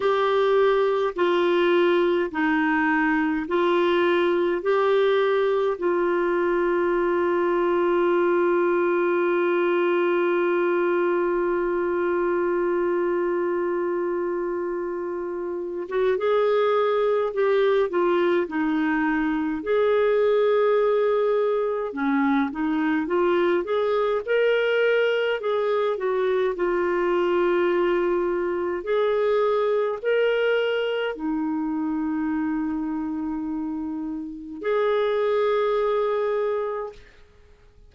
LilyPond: \new Staff \with { instrumentName = "clarinet" } { \time 4/4 \tempo 4 = 52 g'4 f'4 dis'4 f'4 | g'4 f'2.~ | f'1~ | f'4.~ f'16 fis'16 gis'4 g'8 f'8 |
dis'4 gis'2 cis'8 dis'8 | f'8 gis'8 ais'4 gis'8 fis'8 f'4~ | f'4 gis'4 ais'4 dis'4~ | dis'2 gis'2 | }